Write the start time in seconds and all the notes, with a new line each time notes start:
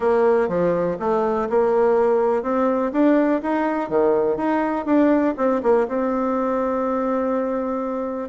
0.00 A#3
0.48 F3
0.99 A3
1.49 A#3
2.42 C4
2.92 D4
3.42 D#4
3.89 D#3
4.36 D#4
4.85 D4
5.37 C4
5.62 A#3
5.88 C4